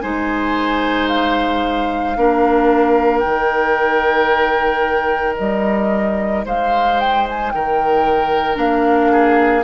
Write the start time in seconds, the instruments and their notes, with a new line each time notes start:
0.00 bassoon G#3, clarinet D#4, oboe C5, flute G#5
1.08 flute F5
2.17 bassoon A#3, clarinet D4, oboe A#4
3.19 bassoon D#3, clarinet D#4, flute G5
5.38 bassoon G3, flute D#5
6.46 bassoon G#3, oboe C5, flute F5
7.00 flute G5
7.29 flute G#5
7.51 bassoon D#3, oboe A#4, flute G5
8.55 bassoon A#3, clarinet D4, flute F5
9.12 oboe G#4